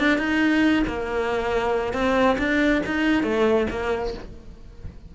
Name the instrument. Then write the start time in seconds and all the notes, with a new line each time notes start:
cello
0.00 D4
0.19 D#4
0.88 A#3
1.94 C4
2.39 D4
2.86 D#4
3.24 A3
3.71 A#3